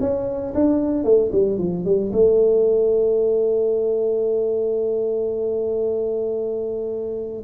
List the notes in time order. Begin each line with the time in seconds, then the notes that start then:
0.00 C#4
0.54 D4
1.04 A3
1.32 G3
1.58 F3
1.85 G3
2.12 A3